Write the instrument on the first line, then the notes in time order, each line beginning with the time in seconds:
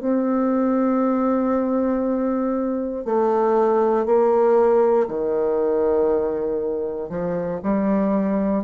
bassoon
0.00 C4
3.05 A3
4.05 A#3
5.08 D#3
7.09 F3
7.63 G3